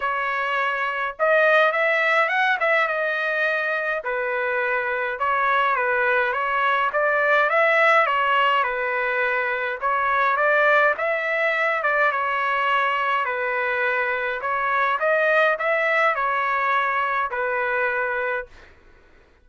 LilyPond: \new Staff \with { instrumentName = "trumpet" } { \time 4/4 \tempo 4 = 104 cis''2 dis''4 e''4 | fis''8 e''8 dis''2 b'4~ | b'4 cis''4 b'4 cis''4 | d''4 e''4 cis''4 b'4~ |
b'4 cis''4 d''4 e''4~ | e''8 d''8 cis''2 b'4~ | b'4 cis''4 dis''4 e''4 | cis''2 b'2 | }